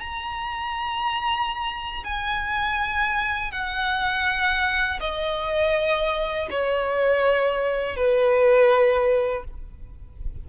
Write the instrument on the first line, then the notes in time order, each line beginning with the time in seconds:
violin
0.00 A#5
2.04 G#5
3.52 F#5
5.00 D#5
6.51 C#5
7.96 B4